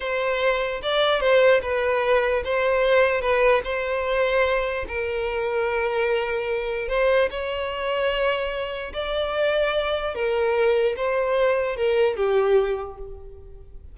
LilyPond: \new Staff \with { instrumentName = "violin" } { \time 4/4 \tempo 4 = 148 c''2 d''4 c''4 | b'2 c''2 | b'4 c''2. | ais'1~ |
ais'4 c''4 cis''2~ | cis''2 d''2~ | d''4 ais'2 c''4~ | c''4 ais'4 g'2 | }